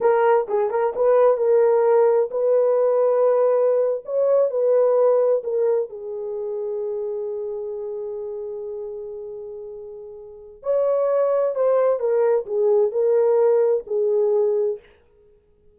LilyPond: \new Staff \with { instrumentName = "horn" } { \time 4/4 \tempo 4 = 130 ais'4 gis'8 ais'8 b'4 ais'4~ | ais'4 b'2.~ | b'8. cis''4 b'2 ais'16~ | ais'8. gis'2.~ gis'16~ |
gis'1~ | gis'2. cis''4~ | cis''4 c''4 ais'4 gis'4 | ais'2 gis'2 | }